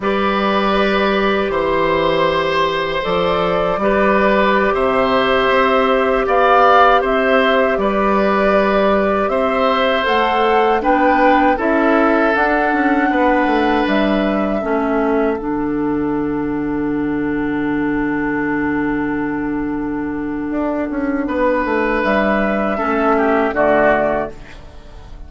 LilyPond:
<<
  \new Staff \with { instrumentName = "flute" } { \time 4/4 \tempo 4 = 79 d''2 c''2 | d''2~ d''16 e''4.~ e''16~ | e''16 f''4 e''4 d''4.~ d''16~ | d''16 e''4 fis''4 g''4 e''8.~ |
e''16 fis''2 e''4.~ e''16~ | e''16 fis''2.~ fis''8.~ | fis''1~ | fis''4 e''2 d''4 | }
  \new Staff \with { instrumentName = "oboe" } { \time 4/4 b'2 c''2~ | c''4 b'4~ b'16 c''4.~ c''16~ | c''16 d''4 c''4 b'4.~ b'16~ | b'16 c''2 b'4 a'8.~ |
a'4~ a'16 b'2 a'8.~ | a'1~ | a'1 | b'2 a'8 g'8 fis'4 | }
  \new Staff \with { instrumentName = "clarinet" } { \time 4/4 g'1 | a'4 g'2.~ | g'1~ | g'4~ g'16 a'4 d'4 e'8.~ |
e'16 d'2. cis'8.~ | cis'16 d'2.~ d'8.~ | d'1~ | d'2 cis'4 a4 | }
  \new Staff \with { instrumentName = "bassoon" } { \time 4/4 g2 e2 | f4 g4~ g16 c4 c'8.~ | c'16 b4 c'4 g4.~ g16~ | g16 c'4 a4 b4 cis'8.~ |
cis'16 d'8 cis'8 b8 a8 g4 a8.~ | a16 d2.~ d8.~ | d2. d'8 cis'8 | b8 a8 g4 a4 d4 | }
>>